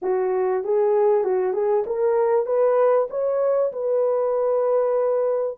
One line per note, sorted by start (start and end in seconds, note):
0.02 0.64 F#4
0.64 1.24 G#4
1.24 1.53 F#4
1.53 1.84 G#4
1.86 2.46 A#4
2.46 3.08 B4
3.10 3.72 C#5
3.72 5.58 B4